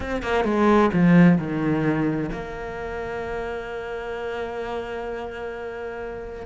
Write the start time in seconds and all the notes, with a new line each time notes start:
0.00 C4
0.22 A#3
0.44 G#3
0.93 F3
1.37 D#3
2.32 A#3